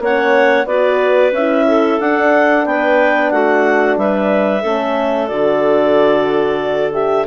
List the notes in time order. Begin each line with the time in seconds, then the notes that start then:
0.00 A#3 C#4 C#5 F#5
0.66 B3 F#4 B4 D5
1.32 C#4 E4 E5
1.68 A4
2.00 D4 F#5
2.66 B3 B4 G5
3.31 A3 F#4 F#5
3.97 G3 B4 E5
4.62 A3 C#4 A4
5.28 D3 F#4 D5
6.93 G4 E5